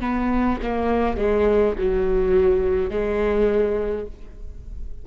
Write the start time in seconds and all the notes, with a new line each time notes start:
0.00 B3
0.62 A#3
1.16 G#3
1.78 F#3
2.90 G#3